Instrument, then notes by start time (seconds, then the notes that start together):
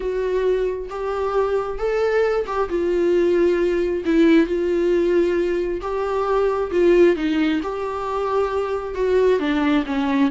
viola
0.00 F#4
0.89 G4
1.78 A4
2.46 G4
2.69 F4
4.05 E4
4.46 F4
5.81 G4
6.71 F4
7.16 D#4
7.62 G4
8.95 F#4
9.39 D4
9.86 C#4